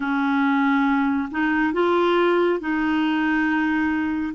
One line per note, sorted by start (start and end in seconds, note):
0.00 1.28 C#4
1.30 1.73 D#4
1.73 2.59 F4
2.59 4.33 D#4